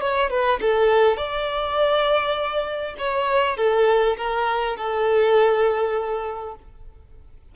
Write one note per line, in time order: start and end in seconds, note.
0.00 0.30 C#5
0.30 0.60 B4
0.60 1.17 A4
1.17 2.95 D5
2.98 3.57 C#5
3.57 4.16 A4
4.17 4.76 A#4
4.76 6.55 A4